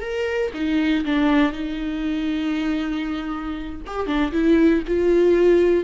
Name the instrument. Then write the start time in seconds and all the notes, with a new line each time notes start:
viola
0.00 A#4
0.53 D#4
1.04 D4
1.52 D#4
3.86 G4
4.06 D4
4.32 E4
4.87 F4